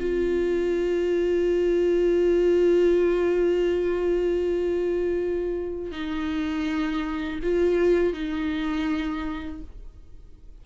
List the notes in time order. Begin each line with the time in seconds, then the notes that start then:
0.00 F4
5.92 D#4
7.43 F4
8.13 D#4